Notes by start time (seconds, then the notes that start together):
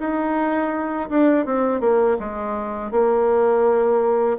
0.00 D#4
1.10 D4
1.46 C4
1.81 A#3
2.20 G#3
2.92 A#3